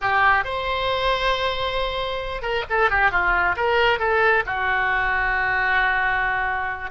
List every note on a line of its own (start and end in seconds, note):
0.01 0.44 G4
0.44 2.41 C5
2.41 2.64 A#4
2.69 2.90 A4
2.90 3.11 G4
3.11 3.55 F4
3.56 3.99 A#4
3.99 4.43 A4
4.46 6.90 F#4